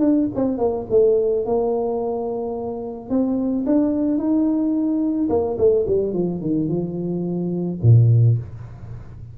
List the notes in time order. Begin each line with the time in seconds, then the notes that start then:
0.00 D4
0.36 C4
0.59 A#3
0.90 A3
1.46 A#3
3.10 C4
3.66 D4
4.18 D#4
5.30 A#3
5.58 A3
5.88 G3
6.14 F3
6.41 D#3
6.69 F3
7.83 A#2